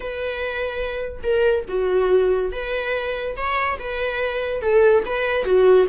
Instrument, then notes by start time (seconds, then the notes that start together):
viola
0.00 B4
1.23 A#4
1.68 F#4
2.52 B4
3.36 C#5
3.79 B4
4.61 A4
5.05 B4
5.44 F#4